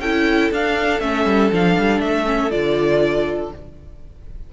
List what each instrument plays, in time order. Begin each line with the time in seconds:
0.00 cello C#4, viola E4, violin A4 G5
0.51 cello D4, viola D4, violin F5
1.00 cello A3, viola C#4, violin E5
1.26 cello G3
1.52 cello F3, viola D4, violin F5
1.78 cello G3
2.01 cello A3, violin E5
2.25 viola C#4
2.50 cello D3, viola F4, violin D5